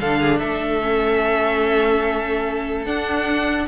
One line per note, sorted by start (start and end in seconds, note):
0.00 0.41 D3
0.00 0.81 D4
0.00 0.20 A4
0.00 0.39 F5
0.20 0.39 G#4
0.39 2.86 A3
0.39 3.67 A4
0.39 2.85 E5
0.81 2.86 C#4
2.85 3.67 D4
2.85 3.67 F#5